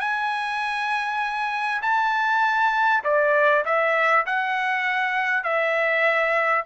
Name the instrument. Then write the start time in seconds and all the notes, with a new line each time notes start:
trumpet
0.00 G#5
1.82 A5
3.04 D5
3.65 E5
4.26 F#5
5.44 E5